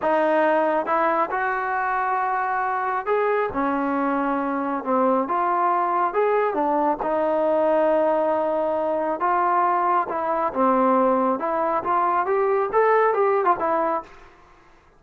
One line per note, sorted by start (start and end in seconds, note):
0.02 0.85 D#4
0.85 1.29 E4
1.30 3.06 F#4
3.06 3.49 G#4
3.53 4.84 C#4
4.84 5.28 C4
5.28 6.13 F4
6.13 6.54 G#4
6.54 6.97 D4
7.02 9.20 D#4
9.20 10.07 F4
10.08 10.52 E4
10.53 11.39 C4
11.39 11.83 E4
11.83 12.25 F4
12.25 12.69 G4
12.72 13.13 A4
13.13 13.45 G4
13.45 13.55 F4
13.59 14.02 E4